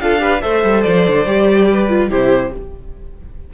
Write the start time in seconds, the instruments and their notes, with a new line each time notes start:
0.00 cello D4, viola F4, violin A4 F5
0.18 viola G4, violin B4
0.41 cello A3, viola A4, violin C5 E5
0.64 cello G3
0.82 cello F3, violin D5
1.07 cello D3
1.25 cello G3, viola G4
1.71 violin B4
1.89 viola F4
2.09 cello C3, viola E4, violin G4 C5